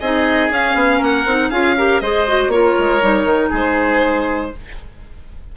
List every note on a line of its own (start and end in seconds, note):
0.00 0.50 C4
0.00 0.51 D#4
0.00 0.97 G#4
0.00 0.50 D#5
0.50 0.74 C#4
0.50 1.26 C#4
0.50 1.03 F5
0.74 0.99 B3
0.97 1.25 A#3
0.97 1.48 A#4
0.97 1.50 F#5
1.25 1.50 C4
1.25 1.51 D#4
1.50 2.01 C#4
1.50 1.77 F4
1.50 1.75 G#4
1.50 2.00 F5
1.77 2.02 G4
1.77 2.02 A#4
2.00 2.47 G#3
2.00 2.27 G#4
2.00 2.52 C5
2.00 2.50 D#5
2.27 2.52 F#4
2.47 2.72 A#3
2.47 3.01 F4
2.47 3.51 C#5
2.54 3.49 A#4
2.78 3.02 G#3
3.01 3.24 G3
3.01 4.52 D#4
3.24 3.49 D#3
3.49 4.53 G#3
3.49 4.50 G#4
3.55 4.56 C5